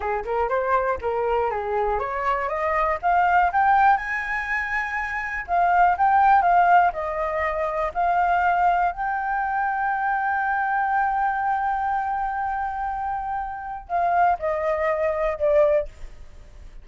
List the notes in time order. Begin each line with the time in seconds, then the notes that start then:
0.00 G#4
0.25 A#4
0.48 C5
1.01 A#4
1.50 G#4
1.99 C#5
2.49 D#5
3.02 F5
3.52 G5
3.97 G#5
5.47 F5
5.97 G5
6.42 F5
6.92 D#5
7.94 F5
8.91 G5
13.88 F5
14.39 D#5
15.38 D5